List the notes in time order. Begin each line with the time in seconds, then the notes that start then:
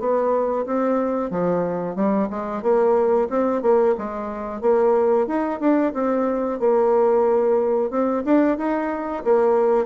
0.00 B3
0.66 C4
1.31 F3
1.96 G3
2.31 G#3
2.63 A#3
3.30 C4
3.63 A#3
3.98 G#3
4.62 A#3
5.27 D#4
5.60 D4
5.94 C4
6.60 A#3
7.91 C4
8.25 D4
8.58 D#4
9.25 A#3